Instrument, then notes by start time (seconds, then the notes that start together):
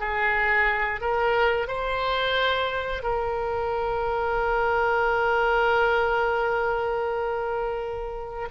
oboe
0.00 G#4
1.01 A#4
1.68 C5
3.03 A#4